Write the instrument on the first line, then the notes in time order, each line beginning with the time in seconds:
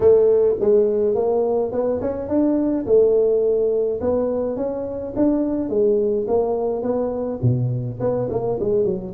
tuba
0.00 A3
0.59 G#3
1.14 A#3
1.71 B3
2.01 C#4
2.28 D4
2.85 A3
4.01 B3
4.56 C#4
5.16 D4
5.69 G#3
6.27 A#3
6.82 B3
7.42 B2
8.00 B3
8.30 A#3
8.60 G#3
8.84 F#3